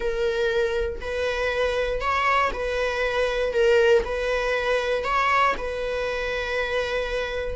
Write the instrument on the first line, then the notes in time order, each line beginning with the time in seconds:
viola
0.00 A#4
1.00 B4
2.01 C#5
2.53 B4
3.53 A#4
4.05 B4
5.04 C#5
5.57 B4